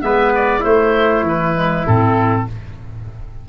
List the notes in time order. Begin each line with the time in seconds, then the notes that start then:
0.00 G#3 B3 B4 E5
0.35 D5
0.60 A3 E4 C5
1.22 E3 B4
1.54 G#3
1.86 A2 C4 A4